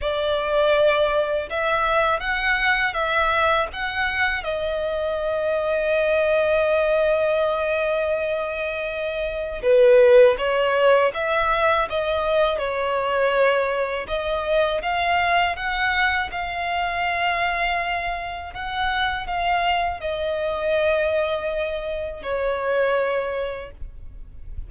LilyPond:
\new Staff \with { instrumentName = "violin" } { \time 4/4 \tempo 4 = 81 d''2 e''4 fis''4 | e''4 fis''4 dis''2~ | dis''1~ | dis''4 b'4 cis''4 e''4 |
dis''4 cis''2 dis''4 | f''4 fis''4 f''2~ | f''4 fis''4 f''4 dis''4~ | dis''2 cis''2 | }